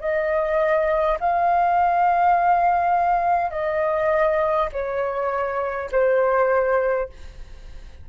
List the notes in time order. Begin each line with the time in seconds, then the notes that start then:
0.00 D#5
1.20 F5
3.51 D#5
4.72 C#5
5.91 C5